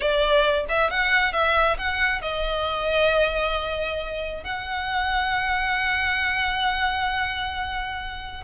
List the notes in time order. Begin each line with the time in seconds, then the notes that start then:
0.00 D5
0.68 E5
0.90 F#5
1.32 E5
1.78 F#5
2.21 D#5
4.43 F#5